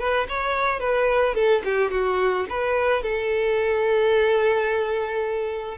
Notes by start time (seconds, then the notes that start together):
0.00 B4
0.29 C#5
0.80 B4
1.35 A4
1.65 G4
1.92 F#4
2.50 B4
3.03 A4